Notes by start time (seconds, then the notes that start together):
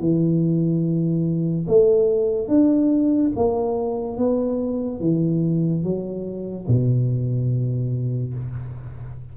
0.00 E3
1.68 A3
2.48 D4
3.36 A#3
4.18 B3
5.01 E3
5.84 F#3
6.68 B2